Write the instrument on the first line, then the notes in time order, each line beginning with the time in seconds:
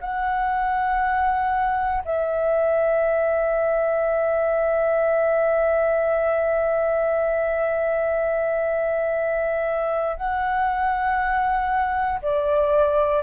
flute
0.00 F#5
2.04 E5
10.16 F#5
12.22 D5